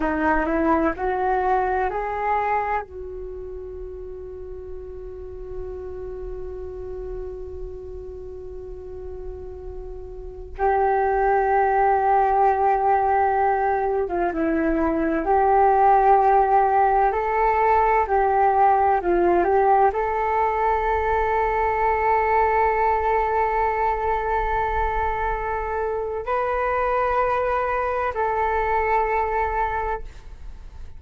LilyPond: \new Staff \with { instrumentName = "flute" } { \time 4/4 \tempo 4 = 64 dis'8 e'8 fis'4 gis'4 fis'4~ | fis'1~ | fis'2.~ fis'16 g'8.~ | g'2. f'16 e'8.~ |
e'16 g'2 a'4 g'8.~ | g'16 f'8 g'8 a'2~ a'8.~ | a'1 | b'2 a'2 | }